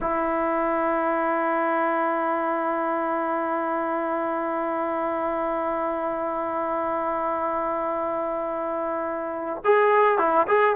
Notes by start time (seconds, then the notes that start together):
0.00 E4
9.64 G#4
10.18 E4
10.47 G#4